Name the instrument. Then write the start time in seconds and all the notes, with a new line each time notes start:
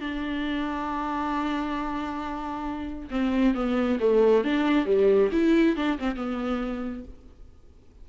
viola
0.00 D4
3.11 C4
3.54 B3
4.00 A3
4.44 D4
4.86 G3
5.32 E4
5.76 D4
5.98 C4
6.16 B3